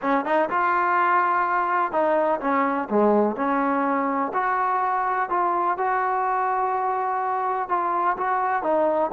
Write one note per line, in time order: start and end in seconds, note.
0.02 0.25 C#4
0.25 0.49 D#4
0.49 1.92 F4
1.92 2.40 D#4
2.40 2.88 C#4
2.90 3.36 G#3
3.36 4.32 C#4
4.33 5.29 F#4
5.29 5.77 F4
5.77 7.68 F#4
7.68 8.16 F4
8.17 8.62 F#4
8.62 9.10 D#4